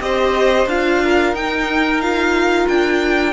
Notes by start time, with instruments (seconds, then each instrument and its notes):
0.00 cello C4, viola G4, violin C5 D#5
0.66 cello D4, viola F4, violin F5
1.03 violin A#4
1.33 cello D#4, viola D#4, violin G5
2.01 viola F4, violin F5
2.68 cello D4, violin G5